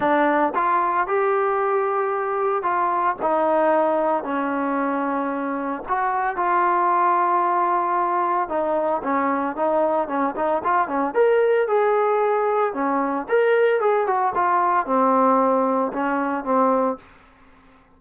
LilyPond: \new Staff \with { instrumentName = "trombone" } { \time 4/4 \tempo 4 = 113 d'4 f'4 g'2~ | g'4 f'4 dis'2 | cis'2. fis'4 | f'1 |
dis'4 cis'4 dis'4 cis'8 dis'8 | f'8 cis'8 ais'4 gis'2 | cis'4 ais'4 gis'8 fis'8 f'4 | c'2 cis'4 c'4 | }